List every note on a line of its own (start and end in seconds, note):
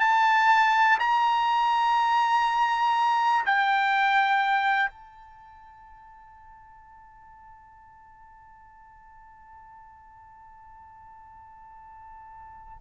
0.00 0.98 A5
0.99 3.45 A#5
3.46 4.90 G5
4.90 12.77 A5